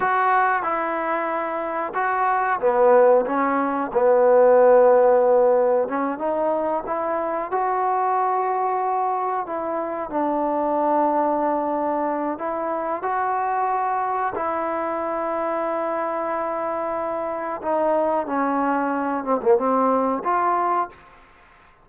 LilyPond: \new Staff \with { instrumentName = "trombone" } { \time 4/4 \tempo 4 = 92 fis'4 e'2 fis'4 | b4 cis'4 b2~ | b4 cis'8 dis'4 e'4 fis'8~ | fis'2~ fis'8 e'4 d'8~ |
d'2. e'4 | fis'2 e'2~ | e'2. dis'4 | cis'4. c'16 ais16 c'4 f'4 | }